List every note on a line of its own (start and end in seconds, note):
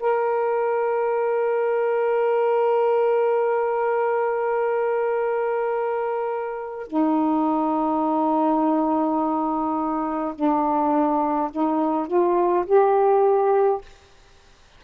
0.00 6.88 A#4
6.88 10.34 D#4
10.35 11.51 D4
11.51 12.08 D#4
12.08 12.66 F4
12.66 13.81 G4